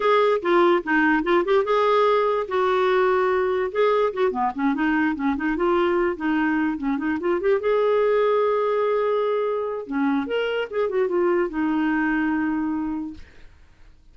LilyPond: \new Staff \with { instrumentName = "clarinet" } { \time 4/4 \tempo 4 = 146 gis'4 f'4 dis'4 f'8 g'8 | gis'2 fis'2~ | fis'4 gis'4 fis'8 b8 cis'8 dis'8~ | dis'8 cis'8 dis'8 f'4. dis'4~ |
dis'8 cis'8 dis'8 f'8 g'8 gis'4.~ | gis'1 | cis'4 ais'4 gis'8 fis'8 f'4 | dis'1 | }